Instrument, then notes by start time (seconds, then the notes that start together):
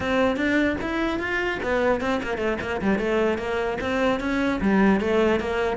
cello
0.00 C4
0.36 D4
0.81 E4
1.19 F4
1.63 B3
2.01 C4
2.22 A#3
2.37 A3
2.61 A#3
2.81 G3
2.99 A3
3.38 A#3
3.81 C4
4.19 C#4
4.61 G3
5.00 A3
5.39 A#3